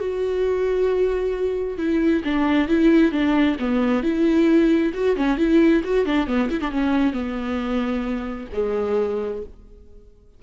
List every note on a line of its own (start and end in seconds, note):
0.00 1.78 F#4
1.78 2.23 E4
2.24 2.68 D4
2.68 3.12 E4
3.12 3.57 D4
3.60 4.03 B3
4.03 4.93 E4
4.94 5.16 F#4
5.16 5.37 C#4
5.37 5.82 E4
5.84 6.05 F#4
6.05 6.27 D4
6.27 6.49 B3
6.50 6.61 E4
6.61 6.71 D4
6.71 7.13 C#4
7.13 8.47 B3
8.53 9.43 G#3